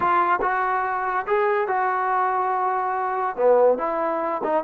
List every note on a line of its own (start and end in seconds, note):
0.00 0.39 F4
0.41 1.26 F#4
1.27 1.67 G#4
1.67 3.36 F#4
3.36 3.78 B3
3.78 4.41 E4
4.43 4.64 D#4